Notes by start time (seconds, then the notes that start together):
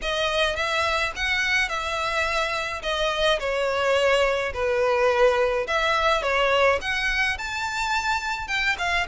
0.02 D#5
0.55 E5
1.16 F#5
1.68 E5
2.82 D#5
3.39 C#5
4.53 B4
5.67 E5
6.22 C#5
6.81 F#5
7.38 A5
8.47 G5
8.78 F5